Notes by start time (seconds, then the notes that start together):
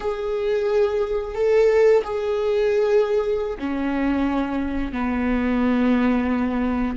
0.00 G#4
1.35 A4
2.04 G#4
3.58 C#4
4.92 B3